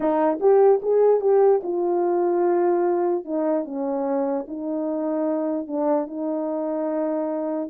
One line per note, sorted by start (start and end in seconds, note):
0.00 0.39 D#4
0.40 0.80 G4
0.82 1.21 G#4
1.21 1.61 G4
1.63 3.24 F4
3.24 3.64 D#4
3.64 4.45 C#4
4.47 5.67 D#4
5.67 6.07 D4
6.07 7.69 D#4